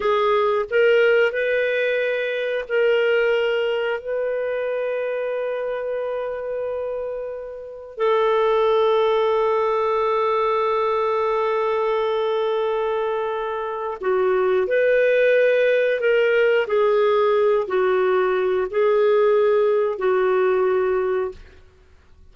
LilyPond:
\new Staff \with { instrumentName = "clarinet" } { \time 4/4 \tempo 4 = 90 gis'4 ais'4 b'2 | ais'2 b'2~ | b'1 | a'1~ |
a'1~ | a'4 fis'4 b'2 | ais'4 gis'4. fis'4. | gis'2 fis'2 | }